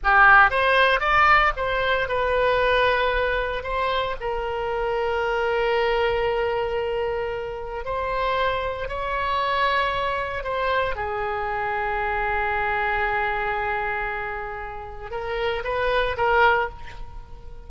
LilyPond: \new Staff \with { instrumentName = "oboe" } { \time 4/4 \tempo 4 = 115 g'4 c''4 d''4 c''4 | b'2. c''4 | ais'1~ | ais'2. c''4~ |
c''4 cis''2. | c''4 gis'2.~ | gis'1~ | gis'4 ais'4 b'4 ais'4 | }